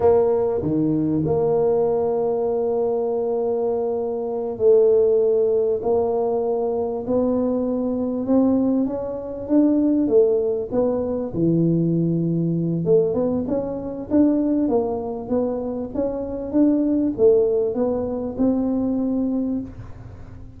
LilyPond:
\new Staff \with { instrumentName = "tuba" } { \time 4/4 \tempo 4 = 98 ais4 dis4 ais2~ | ais2.~ ais8 a8~ | a4. ais2 b8~ | b4. c'4 cis'4 d'8~ |
d'8 a4 b4 e4.~ | e4 a8 b8 cis'4 d'4 | ais4 b4 cis'4 d'4 | a4 b4 c'2 | }